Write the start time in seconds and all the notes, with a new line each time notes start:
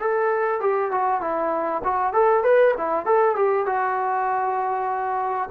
0.00 A4
0.61 G4
0.92 F#4
1.21 E4
1.84 F#4
2.14 A4
2.44 B4
2.78 E4
3.06 A4
3.36 G4
3.66 F#4